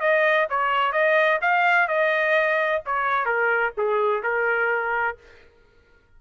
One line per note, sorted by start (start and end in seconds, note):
0.00 0.47 D#5
0.50 0.92 C#5
0.92 1.39 D#5
1.41 1.88 F5
1.88 2.82 D#5
2.85 3.25 C#5
3.25 3.72 A#4
3.77 4.23 G#4
4.23 5.17 A#4